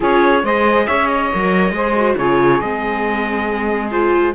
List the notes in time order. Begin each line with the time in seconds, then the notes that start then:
0.00 C#4 F4 G#4 C#5
0.43 G#3 G#4 C5 D#5
0.86 C#4 C#5 E5
1.07 D#5
1.33 F#3 A#4
1.71 G#3 G#4 C5
1.96 F#4
2.17 C#3 F4 G#4 C#5
2.60 G#3 C4 D#5
3.90 F4 C5